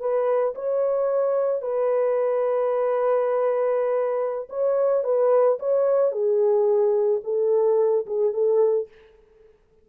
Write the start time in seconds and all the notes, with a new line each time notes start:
0.00 B4
0.55 C#5
1.62 B4
4.50 C#5
5.04 B4
5.60 C#5
6.12 G#4
7.24 A4
8.07 G#4
8.34 A4